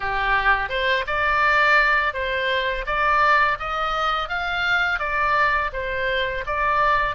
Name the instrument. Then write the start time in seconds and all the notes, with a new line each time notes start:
oboe
0.00 G4
0.69 C5
1.06 D5
2.13 C5
2.86 D5
3.59 D#5
4.29 F5
4.99 D5
5.72 C5
6.46 D5